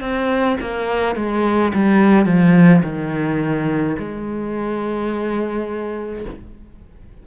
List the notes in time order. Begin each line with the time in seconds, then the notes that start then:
0.00 C4
0.60 A#3
1.15 G#3
1.73 G3
2.25 F3
2.83 D#3
3.98 G#3